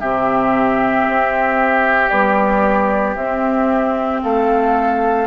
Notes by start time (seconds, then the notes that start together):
0.00 C3 C4 G4 E5
1.08 C4
2.09 G3 B3 D5
3.16 C4 E5
4.22 A3 A4 F5